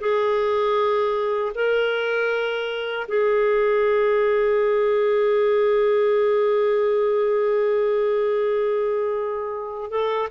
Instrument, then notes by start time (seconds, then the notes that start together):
clarinet
0.00 G#4
1.55 A#4
3.08 G#4
9.90 A4